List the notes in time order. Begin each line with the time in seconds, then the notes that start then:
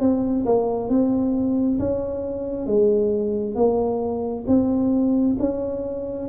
0.00 C4
0.46 A#3
0.90 C4
1.80 C#4
2.67 G#3
3.55 A#3
4.47 C4
5.39 C#4